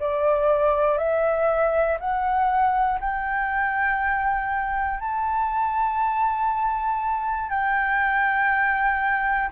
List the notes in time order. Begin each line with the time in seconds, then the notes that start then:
0.00 D5
0.98 E5
2.00 F#5
3.00 G5
5.00 A5
7.50 G5